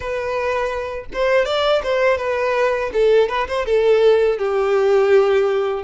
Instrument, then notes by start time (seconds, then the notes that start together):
violin
0.00 B4
1.13 C5
1.45 D5
1.83 C5
2.18 B4
2.93 A4
3.29 B4
3.47 C5
3.66 A4
4.38 G4